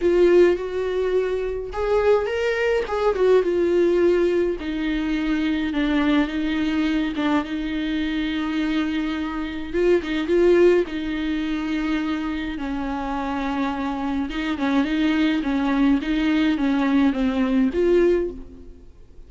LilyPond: \new Staff \with { instrumentName = "viola" } { \time 4/4 \tempo 4 = 105 f'4 fis'2 gis'4 | ais'4 gis'8 fis'8 f'2 | dis'2 d'4 dis'4~ | dis'8 d'8 dis'2.~ |
dis'4 f'8 dis'8 f'4 dis'4~ | dis'2 cis'2~ | cis'4 dis'8 cis'8 dis'4 cis'4 | dis'4 cis'4 c'4 f'4 | }